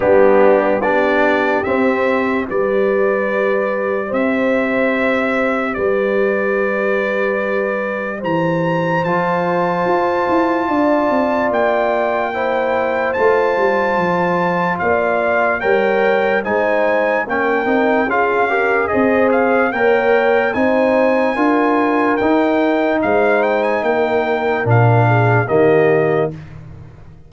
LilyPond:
<<
  \new Staff \with { instrumentName = "trumpet" } { \time 4/4 \tempo 4 = 73 g'4 d''4 e''4 d''4~ | d''4 e''2 d''4~ | d''2 ais''4 a''4~ | a''2 g''2 |
a''2 f''4 g''4 | gis''4 g''4 f''4 dis''8 f''8 | g''4 gis''2 g''4 | f''8 g''16 gis''16 g''4 f''4 dis''4 | }
  \new Staff \with { instrumentName = "horn" } { \time 4/4 d'4 g'2 b'4~ | b'4 c''2 b'4~ | b'2 c''2~ | c''4 d''2 c''4~ |
c''2 d''4 cis''4 | c''4 ais'4 gis'8 ais'8 c''4 | cis''4 c''4 ais'2 | c''4 ais'4. gis'8 g'4 | }
  \new Staff \with { instrumentName = "trombone" } { \time 4/4 b4 d'4 c'4 g'4~ | g'1~ | g'2. f'4~ | f'2. e'4 |
f'2. ais'4 | dis'4 cis'8 dis'8 f'8 g'8 gis'4 | ais'4 dis'4 f'4 dis'4~ | dis'2 d'4 ais4 | }
  \new Staff \with { instrumentName = "tuba" } { \time 4/4 g4 b4 c'4 g4~ | g4 c'2 g4~ | g2 e4 f4 | f'8 e'8 d'8 c'8 ais2 |
a8 g8 f4 ais4 g4 | gis4 ais8 c'8 cis'4 c'4 | ais4 c'4 d'4 dis'4 | gis4 ais4 ais,4 dis4 | }
>>